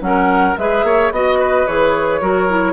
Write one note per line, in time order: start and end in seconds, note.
0.00 0.55 F#3
0.00 0.55 C#4
0.00 0.60 A#4
0.00 0.57 F#5
0.57 0.83 G#3
0.57 1.14 G#4
0.57 0.86 B4
0.57 1.12 E5
0.83 1.10 A#3
0.83 1.13 C#5
1.11 1.66 B3
1.11 1.67 F#4
1.11 1.67 D#5
1.11 1.39 D#5
1.39 2.21 B4
1.67 2.21 E3
1.67 2.21 G#4
1.67 2.73 C#5
2.21 2.73 F#3
2.21 2.49 F#4
2.21 2.73 A#4
2.49 2.73 E4